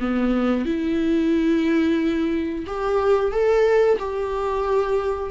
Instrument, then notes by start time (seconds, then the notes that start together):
viola
0.00 B3
0.65 E4
2.67 G4
3.32 A4
3.99 G4